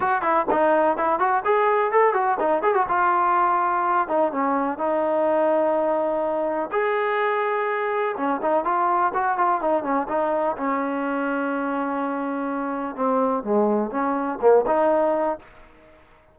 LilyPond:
\new Staff \with { instrumentName = "trombone" } { \time 4/4 \tempo 4 = 125 fis'8 e'8 dis'4 e'8 fis'8 gis'4 | a'8 fis'8 dis'8 gis'16 fis'16 f'2~ | f'8 dis'8 cis'4 dis'2~ | dis'2 gis'2~ |
gis'4 cis'8 dis'8 f'4 fis'8 f'8 | dis'8 cis'8 dis'4 cis'2~ | cis'2. c'4 | gis4 cis'4 ais8 dis'4. | }